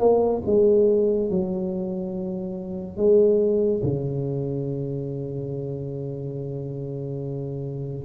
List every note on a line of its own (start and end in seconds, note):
0.00 0.42 A#3
0.46 1.30 G#3
1.30 2.97 F#3
2.97 3.81 G#3
3.83 8.05 C#3